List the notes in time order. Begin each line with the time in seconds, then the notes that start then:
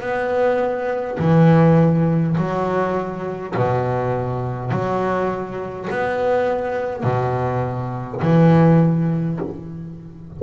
0.00 B3
1.19 E3
2.37 F#3
3.56 B2
4.71 F#3
5.90 B3
7.03 B2
8.21 E3